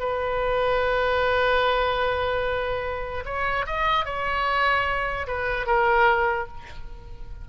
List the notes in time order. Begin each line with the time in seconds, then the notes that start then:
0.00 B4
3.25 C#5
3.67 D#5
4.06 C#5
5.28 B4
5.67 A#4